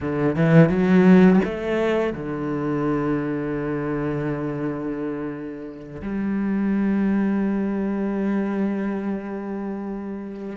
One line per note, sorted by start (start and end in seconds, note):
0.01 0.35 D3
0.35 0.69 E3
0.69 1.39 F#3
1.44 2.13 A3
2.13 6.01 D3
6.02 10.56 G3